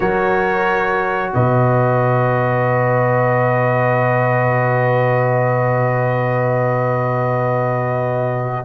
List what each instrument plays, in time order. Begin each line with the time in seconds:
0.00 tuba F#3, trombone F#4, horn A#4, trumpet C#5
1.34 tuba B2, horn B4, trumpet D#5